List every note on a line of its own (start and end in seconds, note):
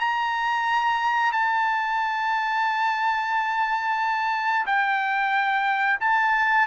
0.00 1.32 A#5
1.32 4.66 A5
4.66 5.99 G5
6.01 6.67 A5